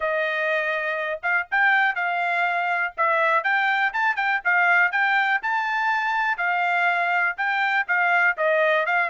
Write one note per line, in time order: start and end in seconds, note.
0.00 1.20 D#5
1.22 1.47 F5
1.51 1.95 G5
1.95 2.93 F5
2.97 3.43 E5
3.43 3.92 G5
3.93 4.16 A5
4.16 4.40 G5
4.44 4.91 F5
4.91 5.41 G5
5.42 6.37 A5
6.37 7.36 F5
7.37 7.86 G5
7.87 8.36 F5
8.37 8.86 D#5
8.86 9.09 F5